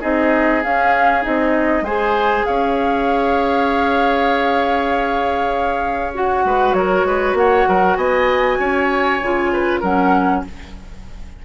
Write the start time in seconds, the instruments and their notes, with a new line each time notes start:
0.00 bassoon C4, clarinet D#4, oboe G#4, flute D#5
0.63 clarinet C#4, bassoon C#4, flute F5
1.21 bassoon C4, clarinet D#4, flute D#5
1.81 bassoon G#3, clarinet G#4, oboe C5, flute G#5
2.45 bassoon C#4, oboe C#5, flute F5
6.14 clarinet F#4, flute F#5
6.44 bassoon G#3, oboe B4
6.73 bassoon F#3, oboe A#4, flute C#5
7.04 bassoon G#3, oboe B4
7.33 bassoon A#3, oboe C#5, flute F#5
7.68 bassoon F#3, oboe A#4
7.96 bassoon B3, oboe D#5, flute G#5
8.59 bassoon C#4, oboe C#5
9.21 bassoon C#3, clarinet F4
9.52 oboe B4
9.80 bassoon F#3, clarinet C#4, oboe A#4, flute F#5